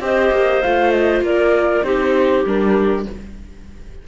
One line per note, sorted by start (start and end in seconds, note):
0.00 0.30 C4
0.00 0.61 G4
0.00 1.24 C5
0.00 0.62 D#5
0.32 0.62 A#3
0.62 1.21 A3
0.62 1.84 F4
0.62 0.91 F5
0.91 1.21 D#5
1.21 1.82 A#3
1.21 1.85 A#4
1.21 1.83 D5
1.83 2.44 C4
1.83 2.45 D#4
1.83 3.06 G4
1.83 2.44 C5
2.45 3.06 G3
2.45 3.07 D4
2.45 3.07 A#4